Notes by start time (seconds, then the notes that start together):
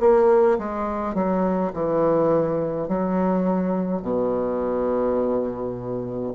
0.00 A#3
0.58 G#3
1.14 F#3
1.73 E3
2.88 F#3
4.02 B2